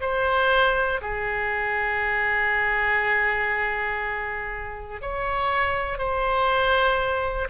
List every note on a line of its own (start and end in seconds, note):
0.00 1.00 C5
1.01 5.01 G#4
5.01 5.98 C#5
5.98 7.48 C5